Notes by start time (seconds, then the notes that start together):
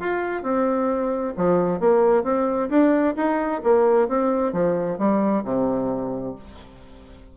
0.00 F4
0.43 C4
1.37 F3
1.80 A#3
2.24 C4
2.70 D4
3.17 D#4
3.64 A#3
4.09 C4
4.53 F3
4.99 G3
5.45 C3